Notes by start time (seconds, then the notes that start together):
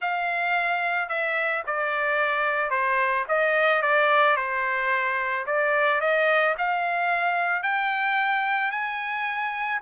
0.01 F5
1.08 E5
1.66 D5
2.70 C5
3.28 D#5
3.82 D5
4.36 C5
5.46 D5
6.00 D#5
6.58 F5
7.62 G5
8.71 G#5